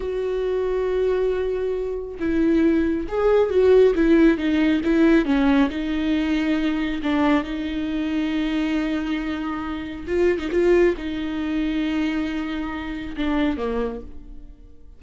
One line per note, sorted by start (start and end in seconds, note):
0.00 2.18 F#4
2.19 3.07 E4
3.08 3.49 G#4
3.49 3.93 F#4
3.95 4.37 E4
4.37 4.81 D#4
4.84 5.25 E4
5.25 5.69 C#4
5.69 7.01 D#4
7.02 7.43 D4
7.43 10.06 D#4
10.07 10.38 F4
10.38 10.49 D#4
10.51 10.95 F4
10.97 13.16 D#4
13.16 13.57 D4
13.57 14.00 A#3